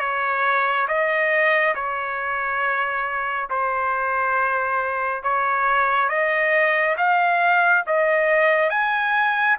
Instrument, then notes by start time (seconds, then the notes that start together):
trumpet
0.00 C#5
0.88 D#5
1.75 C#5
3.50 C5
5.23 C#5
6.09 D#5
6.98 F5
7.87 D#5
8.70 G#5